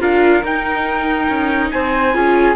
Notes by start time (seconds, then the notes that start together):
0.00 D4 F4 A#4 F5
0.44 D#4 G5
1.29 C#4
1.71 C4 C5 G#5
2.14 C#4 F4 G#4